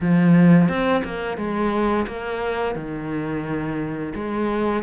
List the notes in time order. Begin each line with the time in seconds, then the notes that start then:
0.00 F3
0.68 C4
1.04 A#3
1.37 G#3
2.07 A#3
2.75 D#3
4.14 G#3